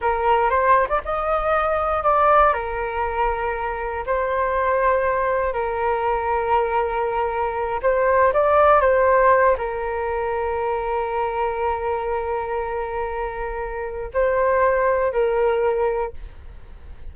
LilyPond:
\new Staff \with { instrumentName = "flute" } { \time 4/4 \tempo 4 = 119 ais'4 c''8. d''16 dis''2 | d''4 ais'2. | c''2. ais'4~ | ais'2.~ ais'8 c''8~ |
c''8 d''4 c''4. ais'4~ | ais'1~ | ais'1 | c''2 ais'2 | }